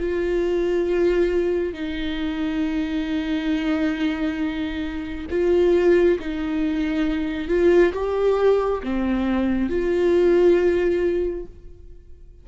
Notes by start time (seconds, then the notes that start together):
0.00 F4
1.74 D#4
5.31 F4
6.20 D#4
7.49 F4
7.94 G4
8.84 C4
9.70 F4